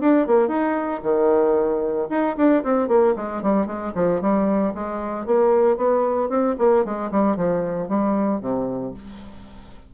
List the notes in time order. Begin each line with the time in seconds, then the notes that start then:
0.00 D4
0.27 A#3
0.48 D#4
1.02 D#3
2.09 D#4
2.37 D4
2.63 C4
2.88 A#3
3.16 G#3
3.42 G3
3.66 G#3
3.94 F3
4.21 G3
4.74 G#3
5.26 A#3
5.76 B3
6.29 C4
6.58 A#3
6.84 G#3
7.11 G3
7.36 F3
7.88 G3
8.40 C3